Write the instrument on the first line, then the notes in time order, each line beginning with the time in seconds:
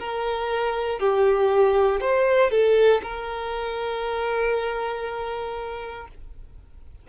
violin
0.00 A#4
1.00 G4
2.01 C5
2.51 A4
3.03 A#4